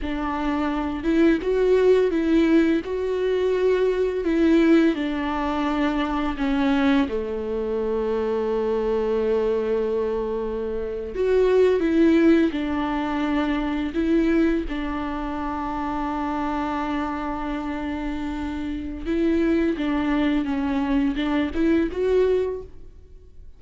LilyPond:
\new Staff \with { instrumentName = "viola" } { \time 4/4 \tempo 4 = 85 d'4. e'8 fis'4 e'4 | fis'2 e'4 d'4~ | d'4 cis'4 a2~ | a2.~ a8. fis'16~ |
fis'8. e'4 d'2 e'16~ | e'8. d'2.~ d'16~ | d'2. e'4 | d'4 cis'4 d'8 e'8 fis'4 | }